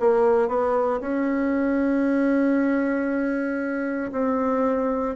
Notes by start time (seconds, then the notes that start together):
0.00 A#3
0.48 B3
1.01 C#4
4.12 C4